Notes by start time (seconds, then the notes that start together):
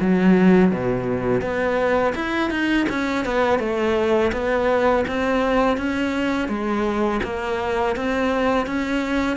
0.00 F#3
0.71 B2
1.41 B3
2.15 E4
2.50 D#4
2.89 C#4
3.25 B3
3.59 A3
4.32 B3
5.07 C4
5.77 C#4
6.48 G#3
7.24 A#3
7.96 C4
8.66 C#4